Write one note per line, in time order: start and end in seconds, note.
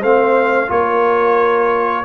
0.00 0.69 A3
0.00 0.67 C4
0.00 0.68 C5
0.00 0.71 F5
0.67 2.05 A#3
0.67 2.04 F4
0.67 2.05 A#4
0.67 2.05 C#5